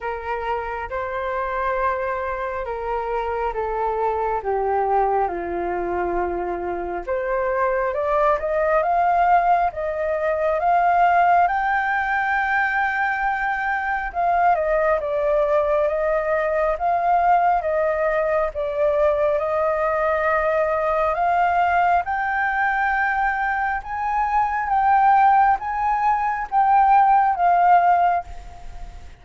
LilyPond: \new Staff \with { instrumentName = "flute" } { \time 4/4 \tempo 4 = 68 ais'4 c''2 ais'4 | a'4 g'4 f'2 | c''4 d''8 dis''8 f''4 dis''4 | f''4 g''2. |
f''8 dis''8 d''4 dis''4 f''4 | dis''4 d''4 dis''2 | f''4 g''2 gis''4 | g''4 gis''4 g''4 f''4 | }